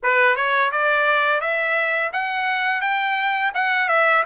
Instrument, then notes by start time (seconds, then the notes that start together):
trumpet
0.02 B4
0.36 C#5
0.71 D5
1.40 E5
2.12 F#5
2.81 G5
3.54 F#5
3.88 E5